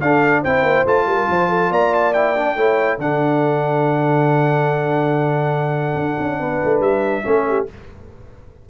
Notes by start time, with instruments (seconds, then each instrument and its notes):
0.00 tuba D4, trombone D4, horn A4, trumpet F5
0.41 tuba C4, trombone E4, horn C5, trumpet G5
0.62 tuba A#3
0.85 tuba A3, trombone F4, trumpet A5
1.06 tuba G3, horn A#4
1.29 tuba F3, horn C5
1.49 horn A4
1.70 tuba A#3, horn D5, trumpet A#5
1.94 trumpet A5
2.13 trombone E4, trumpet G5
2.36 trombone D4
2.56 tuba A3, trombone E4, horn C#5
2.98 tuba D3, trombone D4, horn A4, trumpet F#5
5.95 tuba D4
6.19 tuba C#4
6.39 tuba B3, horn B4
6.64 tuba A3
6.80 tuba G3, trumpet E5
7.23 tuba A3, trombone C#4, horn A4
7.48 horn G4